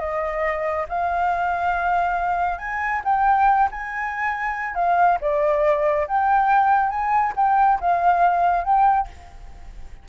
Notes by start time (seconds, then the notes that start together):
0.00 D#5
0.89 F5
2.59 G#5
3.05 G5
3.72 G#5
4.75 F5
5.21 D5
6.08 G5
6.90 G#5
7.37 G5
7.81 F5
8.65 G5